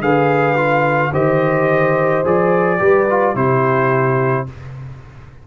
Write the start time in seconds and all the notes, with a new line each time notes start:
0.00 D3 G#4 B4 F5
0.56 F4
1.12 D#3 G4 C5 D#5
2.25 F3 G#4 D5
2.78 G3 G4 B4
3.10 F4
3.35 C3 E4 G4 C5